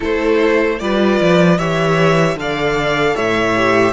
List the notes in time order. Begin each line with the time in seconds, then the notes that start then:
0.00 A3 E4 A4 C5
0.79 G3 F4 B4 D5
1.20 F3
1.57 E3 G4 C#5 E5
2.35 D3 A4 D5 F5
3.14 A2 C#5 E5
3.55 G4